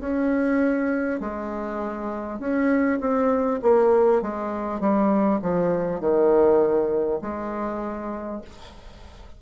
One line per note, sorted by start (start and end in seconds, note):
0.00 1.20 C#4
1.20 2.39 G#3
2.39 2.99 C#4
3.00 3.60 C4
3.62 4.22 A#3
4.22 4.80 G#3
4.80 5.40 G3
5.41 6.00 F3
6.00 7.20 D#3
7.21 8.41 G#3